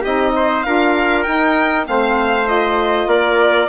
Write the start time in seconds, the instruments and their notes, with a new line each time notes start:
0.00 bassoon C4, saxophone D#4, trumpet G4, violin D#5
0.35 trumpet C5
0.62 bassoon D4, saxophone F4, trumpet A#4, violin F5
1.23 saxophone D#4, bassoon D#4, violin G5
1.85 bassoon A3, saxophone C4, trumpet C5, violin F5
2.45 saxophone F4, violin D#5
3.06 bassoon A#3, trumpet A#4, violin D5